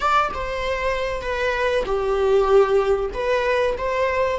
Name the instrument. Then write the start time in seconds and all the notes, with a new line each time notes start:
viola
0.00 D5
0.34 C5
1.21 B4
1.85 G4
3.13 B4
3.77 C5